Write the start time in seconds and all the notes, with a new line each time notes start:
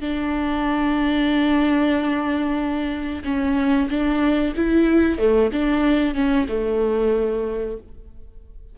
0.00 D4
3.24 C#4
3.89 D4
4.56 E4
5.18 A3
5.52 D4
6.14 C#4
6.48 A3